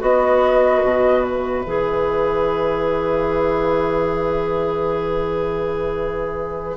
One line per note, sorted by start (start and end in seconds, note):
0.00 0.83 B3
0.00 1.64 F#4
0.00 6.77 B4
0.00 1.25 D#5
0.83 1.66 B2
1.25 6.77 E5
1.66 6.77 E3
1.66 6.77 G#4